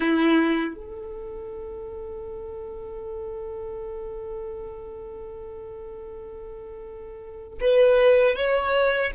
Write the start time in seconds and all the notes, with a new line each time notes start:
0.00 E4
0.75 A4
7.60 B4
8.35 C#5